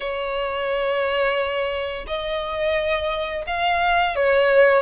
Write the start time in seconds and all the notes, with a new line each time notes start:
0.00 C#5
2.07 D#5
3.46 F5
4.15 C#5